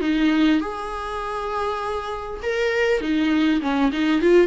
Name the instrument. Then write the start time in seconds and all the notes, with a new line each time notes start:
viola
0.00 D#4
0.61 G#4
2.42 A#4
3.01 D#4
3.61 C#4
3.92 D#4
4.21 F4